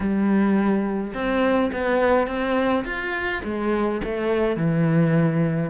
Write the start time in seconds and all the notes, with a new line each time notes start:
0.00 G3
1.14 C4
1.72 B3
2.27 C4
2.84 F4
3.44 G#3
4.03 A3
4.56 E3